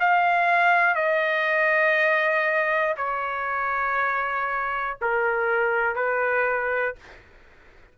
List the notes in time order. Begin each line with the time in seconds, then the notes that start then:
0.00 F5
0.95 D#5
2.98 C#5
5.02 A#4
5.96 B4